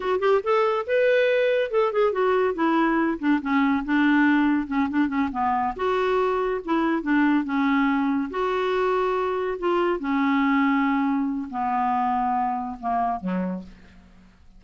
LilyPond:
\new Staff \with { instrumentName = "clarinet" } { \time 4/4 \tempo 4 = 141 fis'8 g'8 a'4 b'2 | a'8 gis'8 fis'4 e'4. d'8 | cis'4 d'2 cis'8 d'8 | cis'8 b4 fis'2 e'8~ |
e'8 d'4 cis'2 fis'8~ | fis'2~ fis'8 f'4 cis'8~ | cis'2. b4~ | b2 ais4 fis4 | }